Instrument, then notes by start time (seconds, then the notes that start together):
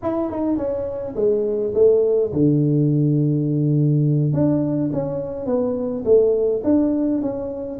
tuba
0.02 E4
0.30 D#4
0.57 C#4
1.15 G#3
1.74 A3
2.32 D3
4.33 D4
4.92 C#4
5.46 B3
6.04 A3
6.63 D4
7.21 C#4